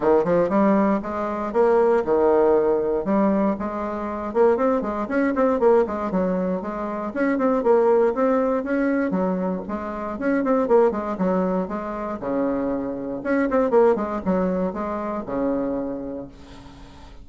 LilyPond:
\new Staff \with { instrumentName = "bassoon" } { \time 4/4 \tempo 4 = 118 dis8 f8 g4 gis4 ais4 | dis2 g4 gis4~ | gis8 ais8 c'8 gis8 cis'8 c'8 ais8 gis8 | fis4 gis4 cis'8 c'8 ais4 |
c'4 cis'4 fis4 gis4 | cis'8 c'8 ais8 gis8 fis4 gis4 | cis2 cis'8 c'8 ais8 gis8 | fis4 gis4 cis2 | }